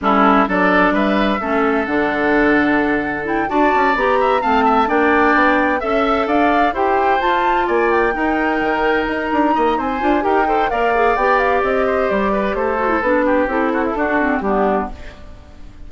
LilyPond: <<
  \new Staff \with { instrumentName = "flute" } { \time 4/4 \tempo 4 = 129 a'4 d''4 e''2 | fis''2. g''8 a''8~ | a''8 ais''4 a''4 g''4.~ | g''8 e''4 f''4 g''4 a''8~ |
a''8 gis''8 g''2~ g''8 ais''8~ | ais''4 gis''4 g''4 f''4 | g''8 f''8 dis''4 d''4 c''4 | b'4 a'2 g'4 | }
  \new Staff \with { instrumentName = "oboe" } { \time 4/4 e'4 a'4 b'4 a'4~ | a'2.~ a'8 d''8~ | d''4 e''8 f''8 e''8 d''4.~ | d''8 e''4 d''4 c''4.~ |
c''8 d''4 ais'2~ ais'8~ | ais'8 dis''8 c''4 ais'8 c''8 d''4~ | d''4. c''4 b'8 a'4~ | a'8 g'4 fis'16 e'16 fis'4 d'4 | }
  \new Staff \with { instrumentName = "clarinet" } { \time 4/4 cis'4 d'2 cis'4 | d'2. e'8 fis'8~ | fis'8 g'4 c'4 d'4.~ | d'8 a'2 g'4 f'8~ |
f'4. dis'2~ dis'8~ | dis'4. f'8 g'8 a'8 ais'8 gis'8 | g'2.~ g'8 fis'16 e'16 | d'4 e'4 d'8 c'8 b4 | }
  \new Staff \with { instrumentName = "bassoon" } { \time 4/4 g4 fis4 g4 a4 | d2.~ d8 d'8 | cis'8 b4 a4 ais4 b8~ | b8 cis'4 d'4 e'4 f'8~ |
f'8 ais4 dis'4 dis4 dis'8 | d'8 ais8 c'8 d'8 dis'4 ais4 | b4 c'4 g4 a4 | b4 c'4 d'4 g4 | }
>>